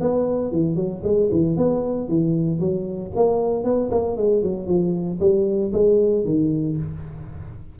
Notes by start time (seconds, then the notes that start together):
0.00 B3
0.51 E3
0.75 F#3
1.03 G#3
1.31 E3
1.57 B3
2.08 E3
2.59 F#3
3.15 A#3
3.64 B3
3.91 A#3
4.16 G#3
4.42 F#3
4.66 F3
5.20 G3
5.72 G#3
6.24 D#3